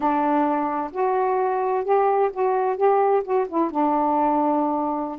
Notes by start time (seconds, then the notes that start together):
0.00 D4
0.92 F#4
1.84 G4
2.32 F#4
2.76 G4
3.23 F#4
3.48 E4
3.70 D4